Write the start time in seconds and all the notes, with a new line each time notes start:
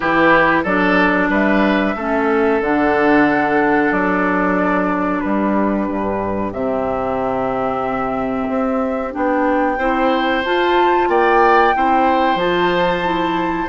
0.00 E3 E4 G4 B4
0.63 F#3 D4 A4 D5
1.29 G3 B4 E5
1.95 A3 C#4 A4
2.60 D3 D4 F#5
3.91 F#3 D5
5.20 G3 G4 B4
5.87 G2
6.52 C3 C4 E5
8.49 C4
9.11 B3 D4 G5
9.77 C4 E4 C5
10.44 F4 A5
11.08 A#3 D5 G5
11.74 C4 E4 C5
12.35 F3 F4 A5
13.03 E4